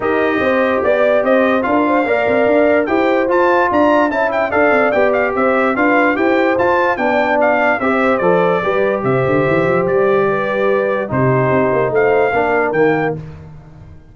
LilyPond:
<<
  \new Staff \with { instrumentName = "trumpet" } { \time 4/4 \tempo 4 = 146 dis''2 d''4 dis''4 | f''2. g''4 | a''4 ais''4 a''8 g''8 f''4 | g''8 f''8 e''4 f''4 g''4 |
a''4 g''4 f''4 e''4 | d''2 e''2 | d''2. c''4~ | c''4 f''2 g''4 | }
  \new Staff \with { instrumentName = "horn" } { \time 4/4 ais'4 c''4 d''4 c''4 | ais'8 c''8 d''2 c''4~ | c''4 d''4 e''4 d''4~ | d''4 c''4 b'4 c''4~ |
c''4 d''2 c''4~ | c''4 b'4 c''2~ | c''4 b'2 g'4~ | g'4 c''4 ais'2 | }
  \new Staff \with { instrumentName = "trombone" } { \time 4/4 g'1 | f'4 ais'2 g'4 | f'2 e'4 a'4 | g'2 f'4 g'4 |
f'4 d'2 g'4 | a'4 g'2.~ | g'2. dis'4~ | dis'2 d'4 ais4 | }
  \new Staff \with { instrumentName = "tuba" } { \time 4/4 dis'4 c'4 b4 c'4 | d'4 ais8 c'8 d'4 e'4 | f'4 d'4 cis'4 d'8 c'8 | b4 c'4 d'4 e'4 |
f'4 b2 c'4 | f4 g4 c8 d8 e8 f8 | g2. c4 | c'8 ais8 a4 ais4 dis4 | }
>>